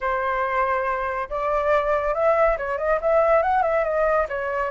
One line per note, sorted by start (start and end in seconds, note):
0.00 1.29 C5
1.29 2.14 D5
2.14 2.57 E5
2.57 2.78 C#5
2.78 2.99 D#5
3.01 3.42 E5
3.42 3.62 F#5
3.62 3.84 E5
3.84 4.26 D#5
4.29 4.70 C#5